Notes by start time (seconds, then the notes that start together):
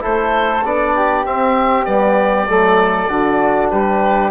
0.00 A3 E4 A4 C5
0.64 B3 D4 D5
0.95 G4
1.26 C4 E5
1.85 G3 B3 D5
2.49 F#3 A3 A4
3.08 D3 D4 F#4
3.70 G3 G4 B4